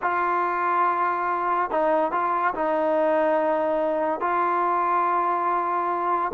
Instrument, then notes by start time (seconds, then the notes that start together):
trombone
0.01 F4
1.70 D#4
2.11 F4
2.54 D#4
4.20 F4